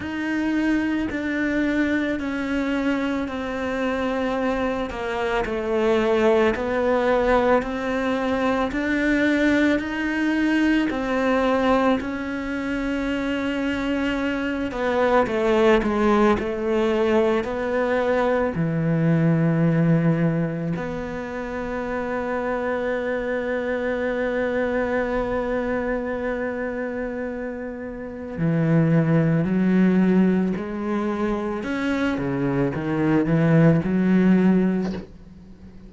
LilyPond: \new Staff \with { instrumentName = "cello" } { \time 4/4 \tempo 4 = 55 dis'4 d'4 cis'4 c'4~ | c'8 ais8 a4 b4 c'4 | d'4 dis'4 c'4 cis'4~ | cis'4. b8 a8 gis8 a4 |
b4 e2 b4~ | b1~ | b2 e4 fis4 | gis4 cis'8 cis8 dis8 e8 fis4 | }